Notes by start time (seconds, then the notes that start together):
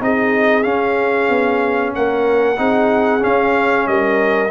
0.00 C4 D#4 G#4 D#5
0.62 C#4 F5
1.29 B3
1.95 A#3 A#4 F#5
2.57 C4 D#4 G#4
3.20 C#4 F5
3.87 G3 A#4 D#5